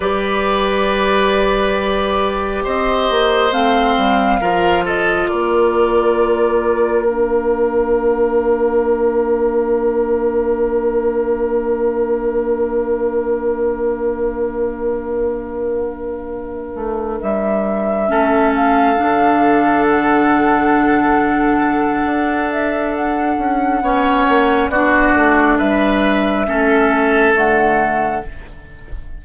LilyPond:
<<
  \new Staff \with { instrumentName = "flute" } { \time 4/4 \tempo 4 = 68 d''2. dis''4 | f''4. dis''8 d''2 | f''1~ | f''1~ |
f''2.~ f''8 e''8~ | e''4 f''4. fis''4.~ | fis''4. e''8 fis''2 | d''4 e''2 fis''4 | }
  \new Staff \with { instrumentName = "oboe" } { \time 4/4 b'2. c''4~ | c''4 ais'8 a'8 ais'2~ | ais'1~ | ais'1~ |
ais'1~ | ais'8 a'2.~ a'8~ | a'2. cis''4 | fis'4 b'4 a'2 | }
  \new Staff \with { instrumentName = "clarinet" } { \time 4/4 g'1 | c'4 f'2. | d'1~ | d'1~ |
d'1~ | d'8 cis'4 d'2~ d'8~ | d'2. cis'4 | d'2 cis'4 a4 | }
  \new Staff \with { instrumentName = "bassoon" } { \time 4/4 g2. c'8 ais8 | a8 g8 f4 ais2~ | ais1~ | ais1~ |
ais2. a8 g8~ | g8 a4 d2~ d8~ | d4 d'4. cis'8 b8 ais8 | b8 a8 g4 a4 d4 | }
>>